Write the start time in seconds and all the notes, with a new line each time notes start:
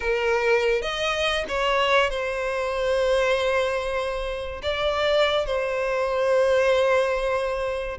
0.00 A#4
0.82 D#5
1.48 C#5
2.09 C5
4.62 D5
5.46 C5